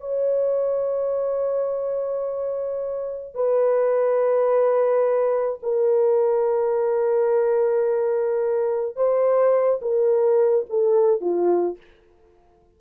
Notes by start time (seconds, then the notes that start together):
0.00 C#5
3.34 B4
5.62 A#4
8.96 C5
9.81 A#4
10.69 A4
11.21 F4